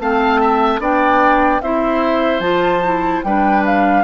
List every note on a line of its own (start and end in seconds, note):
0.00 0.80 A3
0.00 0.80 C4
0.00 0.41 F5
0.00 0.81 A5
0.41 0.81 E5
0.80 1.61 B3
0.80 1.61 D4
0.80 1.62 D5
0.80 1.62 G5
1.61 2.40 C4
1.61 2.42 E4
1.61 3.26 C5
1.61 2.40 E5
2.40 3.21 F3
2.40 2.82 F4
2.40 3.21 A5
2.84 3.25 E4
3.24 4.04 G3
3.24 4.04 D4
3.24 4.04 B4
3.24 3.64 G5
3.65 4.04 F5